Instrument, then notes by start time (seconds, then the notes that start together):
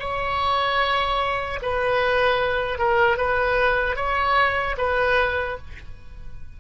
oboe
0.00 C#5
1.62 B4
2.79 A#4
3.17 B4
3.96 C#5
4.78 B4